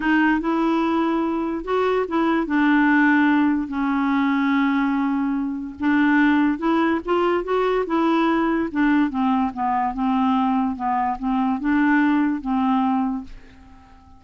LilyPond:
\new Staff \with { instrumentName = "clarinet" } { \time 4/4 \tempo 4 = 145 dis'4 e'2. | fis'4 e'4 d'2~ | d'4 cis'2.~ | cis'2 d'2 |
e'4 f'4 fis'4 e'4~ | e'4 d'4 c'4 b4 | c'2 b4 c'4 | d'2 c'2 | }